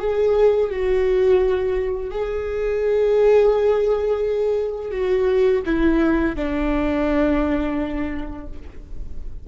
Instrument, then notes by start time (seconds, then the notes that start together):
viola
0.00 G#4
0.70 F#4
2.11 G#4
4.92 F#4
5.66 E4
6.36 D4